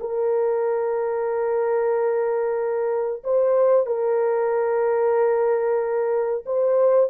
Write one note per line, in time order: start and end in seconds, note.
0.00 3.23 A#4
3.23 3.86 C5
3.86 6.44 A#4
6.46 7.10 C5